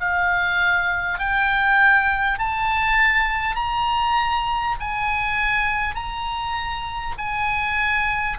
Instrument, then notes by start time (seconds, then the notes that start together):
oboe
0.00 F5
1.19 G5
2.38 A5
3.55 A#5
4.80 G#5
5.95 A#5
7.18 G#5